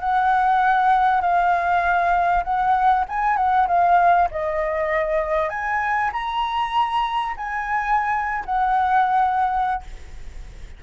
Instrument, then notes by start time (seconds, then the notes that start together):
flute
0.00 F#5
1.21 F5
2.44 F#5
3.09 G#5
3.37 F#5
3.68 F5
4.31 D#5
5.50 G#5
6.13 A#5
7.37 G#5
8.45 F#5